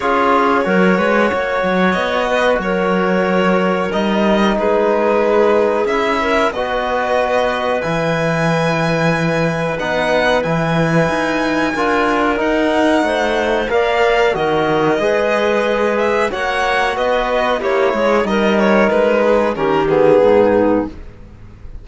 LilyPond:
<<
  \new Staff \with { instrumentName = "violin" } { \time 4/4 \tempo 4 = 92 cis''2. dis''4 | cis''2 dis''4 b'4~ | b'4 e''4 dis''2 | gis''2. fis''4 |
gis''2. fis''4~ | fis''4 f''4 dis''2~ | dis''8 e''8 fis''4 dis''4 cis''4 | dis''8 cis''8 b'4 ais'8 gis'4. | }
  \new Staff \with { instrumentName = "clarinet" } { \time 4/4 gis'4 ais'8 b'8 cis''4. b'8 | ais'2. gis'4~ | gis'4. ais'8 b'2~ | b'1~ |
b'2 ais'2 | c''4 d''4 ais'4 b'4~ | b'4 cis''4 b'4 g'8 gis'8 | ais'4. gis'8 g'4 dis'4 | }
  \new Staff \with { instrumentName = "trombone" } { \time 4/4 f'4 fis'2.~ | fis'2 dis'2~ | dis'4 e'4 fis'2 | e'2. dis'4 |
e'2 f'4 dis'4~ | dis'4 ais'4 fis'4 gis'4~ | gis'4 fis'2 e'4 | dis'2 cis'8 b4. | }
  \new Staff \with { instrumentName = "cello" } { \time 4/4 cis'4 fis8 gis8 ais8 fis8 b4 | fis2 g4 gis4~ | gis4 cis'4 b2 | e2. b4 |
e4 dis'4 d'4 dis'4 | a4 ais4 dis4 gis4~ | gis4 ais4 b4 ais8 gis8 | g4 gis4 dis4 gis,4 | }
>>